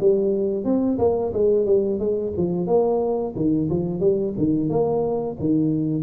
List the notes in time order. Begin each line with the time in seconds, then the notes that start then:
0.00 G3
0.64 C4
0.99 A#3
1.33 G#3
1.65 G3
1.99 G#3
2.37 F3
2.67 A#3
3.36 D#3
3.70 F3
4.00 G3
4.38 D#3
4.70 A#3
5.40 D#3